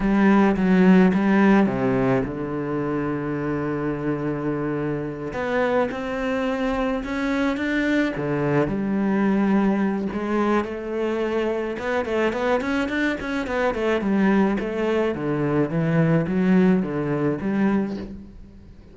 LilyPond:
\new Staff \with { instrumentName = "cello" } { \time 4/4 \tempo 4 = 107 g4 fis4 g4 c4 | d1~ | d4. b4 c'4.~ | c'8 cis'4 d'4 d4 g8~ |
g2 gis4 a4~ | a4 b8 a8 b8 cis'8 d'8 cis'8 | b8 a8 g4 a4 d4 | e4 fis4 d4 g4 | }